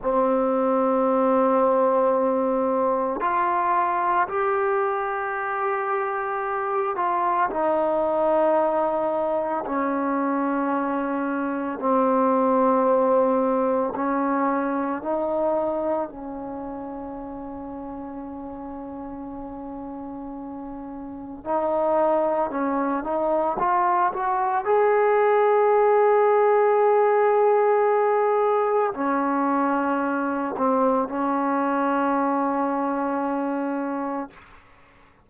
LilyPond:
\new Staff \with { instrumentName = "trombone" } { \time 4/4 \tempo 4 = 56 c'2. f'4 | g'2~ g'8 f'8 dis'4~ | dis'4 cis'2 c'4~ | c'4 cis'4 dis'4 cis'4~ |
cis'1 | dis'4 cis'8 dis'8 f'8 fis'8 gis'4~ | gis'2. cis'4~ | cis'8 c'8 cis'2. | }